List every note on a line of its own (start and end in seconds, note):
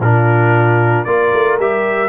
0.00 1.06 A#2
0.00 1.07 D4
0.00 1.07 F4
0.00 1.05 A#4
1.05 1.33 A#3
1.05 1.60 F4
1.05 2.09 A#4
1.05 1.58 D5
1.33 1.59 A3
1.59 2.09 G3
1.59 2.09 G4
1.59 2.09 E5